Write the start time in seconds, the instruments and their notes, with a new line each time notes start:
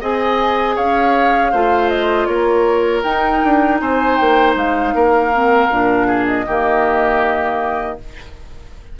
0.00 bassoon C4, clarinet G#4, oboe D#5, flute G#5
0.75 bassoon C#4, oboe C#5, flute F5
1.51 bassoon A3, clarinet F4, oboe C5
1.89 flute D#5
2.25 bassoon A#3, oboe A#4, flute C#5
3.03 bassoon D#4, clarinet D#4, flute G5
3.44 bassoon D4
3.81 bassoon C4, oboe C5, flute G#5
4.16 bassoon A#3, flute G5
4.55 bassoon G#3, flute F5
4.94 bassoon A#3, oboe A#4
5.32 clarinet C4
5.69 bassoon A#2, clarinet D4
6.07 oboe G#4
6.26 flute D#5
6.46 bassoon D#3, clarinet A#3, oboe G4